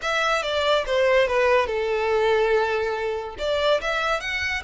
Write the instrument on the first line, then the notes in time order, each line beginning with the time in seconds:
violin
0.02 E5
0.42 D5
0.86 C5
1.27 B4
1.67 A4
3.38 D5
3.81 E5
4.20 F#5